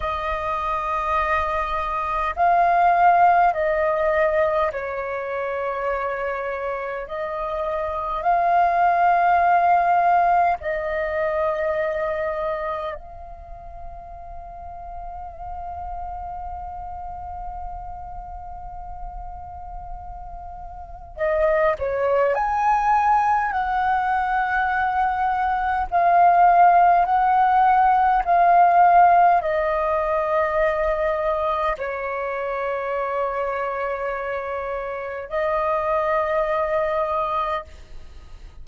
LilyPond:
\new Staff \with { instrumentName = "flute" } { \time 4/4 \tempo 4 = 51 dis''2 f''4 dis''4 | cis''2 dis''4 f''4~ | f''4 dis''2 f''4~ | f''1~ |
f''2 dis''8 cis''8 gis''4 | fis''2 f''4 fis''4 | f''4 dis''2 cis''4~ | cis''2 dis''2 | }